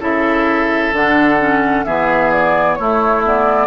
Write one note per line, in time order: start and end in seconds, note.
0.00 0.92 C#3
0.00 0.92 E4
0.00 1.85 A4
0.00 0.95 E5
0.93 1.85 D3
0.93 1.39 D4
0.93 1.85 F#5
1.39 1.86 C#4
1.85 2.78 E3
1.85 2.79 B3
1.85 2.78 G#4
1.85 2.31 E5
2.32 2.75 D5
2.75 3.25 A3
2.75 3.67 A3
2.75 3.67 E4
2.75 3.22 C#5
3.25 3.67 B3
3.25 3.67 D5